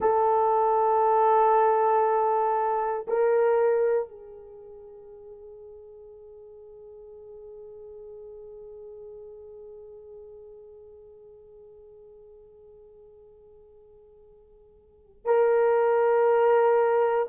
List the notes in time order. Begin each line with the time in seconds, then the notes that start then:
0.00 A4
3.07 A#4
4.08 G#4
15.25 A#4